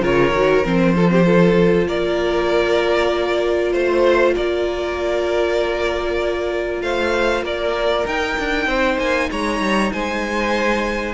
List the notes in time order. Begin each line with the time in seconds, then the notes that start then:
0.00 C#3 F4 A#4 C#5
0.32 D#3 F#4
0.65 F3 C4 C5
0.95 F4 A4
1.07 C4 G4
1.26 F4 A4
1.87 A#3 A#4 D5
3.72 A3 C5
4.35 A#3 A#4 D5
6.81 A3 C5 F5
7.43 A#3 A#4 D5
8.06 D#4 G5
8.39 D4
8.66 C4 C5
8.98 A#3 G#5
9.31 G#3 C#5 A#5
9.60 G3
9.92 G#3 C5 G#5